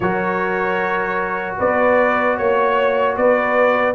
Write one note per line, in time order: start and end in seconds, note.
0.00 1.56 F#3
0.00 3.94 F#4
0.00 1.57 A#4
0.00 1.55 C#5
1.57 2.38 B3
1.57 2.36 B4
1.57 2.37 D5
2.37 3.16 A#3
2.37 3.15 C#5
2.37 3.16 C#5
3.16 3.94 B3
3.16 3.94 B4
3.16 3.94 D5